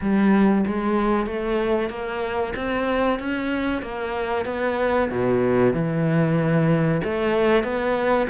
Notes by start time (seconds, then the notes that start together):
0.01 G3
0.66 G#3
1.26 A3
1.89 A#3
2.56 C4
3.19 C#4
3.82 A#3
4.45 B3
5.10 B2
5.73 E3
7.04 A3
7.63 B3